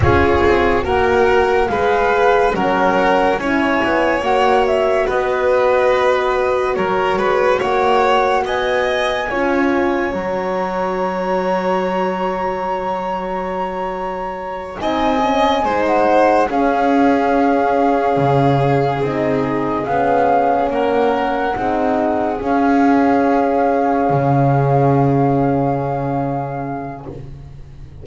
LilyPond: <<
  \new Staff \with { instrumentName = "flute" } { \time 4/4 \tempo 4 = 71 cis''4 fis''4 f''4 fis''4 | gis''4 fis''8 e''8 dis''2 | cis''4 fis''4 gis''2 | ais''1~ |
ais''4. gis''4~ gis''16 fis''8. f''8~ | f''2~ f''8 dis''4 f''8~ | f''8 fis''2 f''4.~ | f''1 | }
  \new Staff \with { instrumentName = "violin" } { \time 4/4 gis'4 ais'4 b'4 ais'4 | cis''2 b'2 | ais'8 b'8 cis''4 dis''4 cis''4~ | cis''1~ |
cis''4. dis''4 c''4 gis'8~ | gis'1~ | gis'8 ais'4 gis'2~ gis'8~ | gis'1 | }
  \new Staff \with { instrumentName = "horn" } { \time 4/4 f'4 fis'4 gis'4 cis'4 | e'4 fis'2.~ | fis'2. f'4 | fis'1~ |
fis'4. dis'8 cis'8 dis'4 cis'8~ | cis'2~ cis'8 dis'4 cis'8~ | cis'4. dis'4 cis'4.~ | cis'1 | }
  \new Staff \with { instrumentName = "double bass" } { \time 4/4 cis'8 c'8 ais4 gis4 fis4 | cis'8 b8 ais4 b2 | fis8 gis8 ais4 b4 cis'4 | fis1~ |
fis4. c'4 gis4 cis'8~ | cis'4. cis4 c'4 b8~ | b8 ais4 c'4 cis'4.~ | cis'8 cis2.~ cis8 | }
>>